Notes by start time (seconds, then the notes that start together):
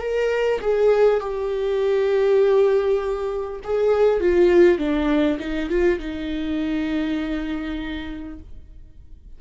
0.00 A#4
0.61 G#4
1.20 G4
3.64 G#4
4.20 F4
4.78 D4
5.39 D#4
5.69 F4
5.99 D#4